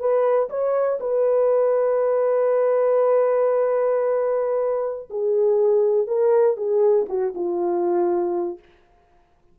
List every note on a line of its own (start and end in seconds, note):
0.00 0.50 B4
0.50 0.99 C#5
1.00 5.09 B4
5.10 6.07 G#4
6.07 6.57 A#4
6.57 7.06 G#4
7.09 7.34 F#4
7.35 8.59 F4